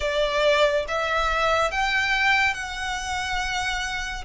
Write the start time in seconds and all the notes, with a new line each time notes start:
0.00 D5
0.88 E5
1.71 G5
2.54 F#5